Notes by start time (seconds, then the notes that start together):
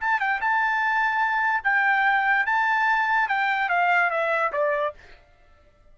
0.00 A5
0.19 G5
0.40 A5
1.63 G5
2.46 A5
3.28 G5
3.69 F5
4.10 E5
4.52 D5